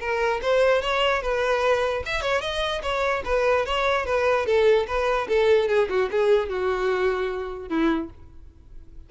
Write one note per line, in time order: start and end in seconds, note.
0.00 0.41 A#4
0.42 0.82 C5
0.82 1.22 C#5
1.22 2.03 B4
2.05 2.22 E5
2.22 2.41 C#5
2.41 2.82 D#5
2.82 3.23 C#5
3.25 3.66 B4
3.66 4.06 C#5
4.06 4.46 B4
4.46 4.86 A4
4.87 5.28 B4
5.28 5.68 A4
5.68 5.88 G#4
5.89 6.10 F#4
6.11 6.49 G#4
6.49 7.69 F#4
7.69 8.10 E4